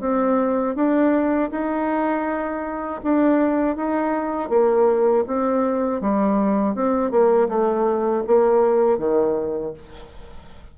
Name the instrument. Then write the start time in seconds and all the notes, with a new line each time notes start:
bassoon
0.00 C4
0.75 D4
1.51 D#4
3.03 D4
3.76 D#4
4.49 A#3
5.26 C4
6.01 G3
6.75 C4
7.10 A#3
7.48 A3
8.26 A#3
8.98 D#3